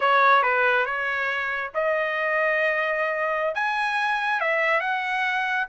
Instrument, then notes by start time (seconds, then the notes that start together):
trumpet
0.00 C#5
0.42 B4
0.85 C#5
1.74 D#5
3.54 G#5
4.40 E5
4.80 F#5